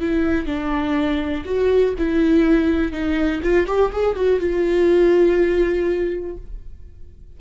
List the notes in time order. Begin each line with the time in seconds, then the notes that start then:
0.00 E4
0.46 D4
1.45 F#4
1.98 E4
2.92 D#4
3.43 F4
3.67 G4
3.92 G#4
4.16 F#4
4.40 F4